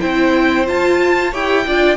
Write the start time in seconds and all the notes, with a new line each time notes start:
0.00 C4 E4 C5 G5
0.66 F4 A5
1.31 E4 G4 C#5 G5
1.67 D4 F4 D5